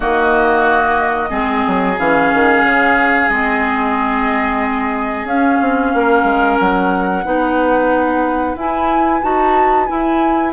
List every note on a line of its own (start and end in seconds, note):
0.00 1.30 D#3
0.00 1.30 A#3
0.00 1.29 F#4
0.00 1.99 D#5
1.29 1.63 G#3
1.29 1.95 C4
1.29 5.91 G#4
1.67 1.98 F#3
1.98 2.31 E3
1.98 3.30 C#4
1.98 3.29 F5
2.33 2.63 D#3
2.63 3.29 C#3
3.29 5.24 G#3
3.29 5.28 C4
3.29 5.26 D#5
5.24 5.57 C#4
5.24 6.59 F5
5.32 7.24 C#4
5.61 5.93 C4
5.93 6.23 A#3
5.93 7.24 A#4
6.23 6.56 G#3
6.59 7.25 F#3
6.59 8.57 F#5
7.24 8.55 B3
7.24 8.56 D#4
7.24 10.52 B4
8.55 9.21 E4
8.55 9.22 E4
8.55 9.21 G#5
9.21 9.89 D#4
9.21 9.87 F#4
9.21 9.86 A5
9.86 10.52 E4
9.86 10.52 G#5